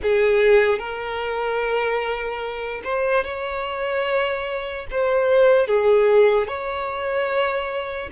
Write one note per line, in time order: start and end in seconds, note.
0.02 0.79 G#4
0.79 2.81 A#4
2.84 3.24 C5
3.24 4.86 C#5
4.90 5.67 C5
5.67 6.47 G#4
6.47 8.09 C#5